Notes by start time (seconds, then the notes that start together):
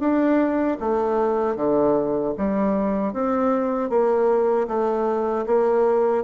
0.00 D4
0.81 A3
1.56 D3
2.38 G3
3.14 C4
3.90 A#3
4.68 A3
5.47 A#3